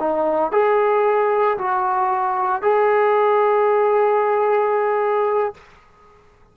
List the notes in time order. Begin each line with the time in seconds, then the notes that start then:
0.00 D#4
0.52 G#4
1.58 F#4
2.62 G#4